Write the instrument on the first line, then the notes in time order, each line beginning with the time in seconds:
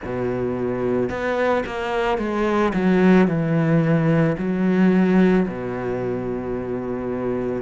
cello
0.04 B2
1.09 B3
1.66 A#3
2.18 G#3
2.73 F#3
3.27 E3
4.37 F#3
5.47 B2